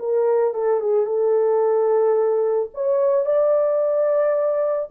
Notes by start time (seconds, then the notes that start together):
0.00 A#4
0.55 A4
0.81 G#4
1.06 A4
2.74 C#5
3.26 D5